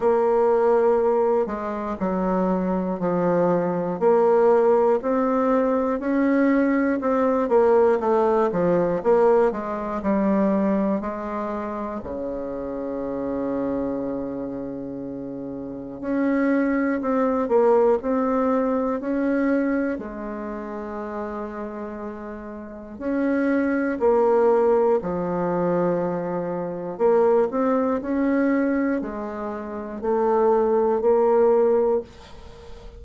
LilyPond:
\new Staff \with { instrumentName = "bassoon" } { \time 4/4 \tempo 4 = 60 ais4. gis8 fis4 f4 | ais4 c'4 cis'4 c'8 ais8 | a8 f8 ais8 gis8 g4 gis4 | cis1 |
cis'4 c'8 ais8 c'4 cis'4 | gis2. cis'4 | ais4 f2 ais8 c'8 | cis'4 gis4 a4 ais4 | }